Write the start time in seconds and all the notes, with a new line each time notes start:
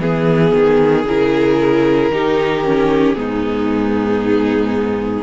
0.00 E3 B3 G#4
0.54 D#3
1.06 C#3 E4 A#4
2.10 D#3 D#4 G4
2.64 C#4
3.14 G#2 B3 D#4 G#4